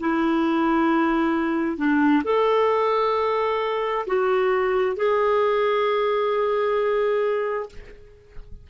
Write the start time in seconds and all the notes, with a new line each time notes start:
0.00 E4
1.77 D4
2.24 A4
4.07 F#4
4.96 G#4